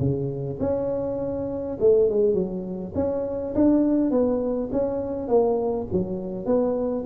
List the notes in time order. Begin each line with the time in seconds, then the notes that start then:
0.00 C#3
0.60 C#4
1.80 A3
2.10 G#3
2.34 F#3
2.95 C#4
3.55 D4
4.11 B3
4.72 C#4
5.28 A#3
5.92 F#3
6.46 B3